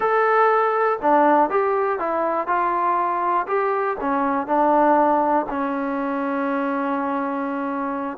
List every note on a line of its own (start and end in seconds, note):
0.00 0.98 A4
1.01 1.50 D4
1.50 1.99 G4
1.99 2.47 E4
2.47 3.46 F4
3.47 3.96 G4
4.00 4.47 C#4
4.47 5.46 D4
5.49 8.17 C#4